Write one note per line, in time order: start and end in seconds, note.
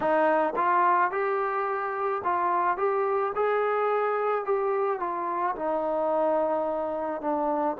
0.00 0.53 D#4
0.56 1.11 F4
1.11 2.22 G4
2.24 2.77 F4
2.77 3.32 G4
3.35 4.44 G#4
4.44 4.99 G4
4.99 5.55 F4
5.55 7.21 D#4
7.21 7.76 D4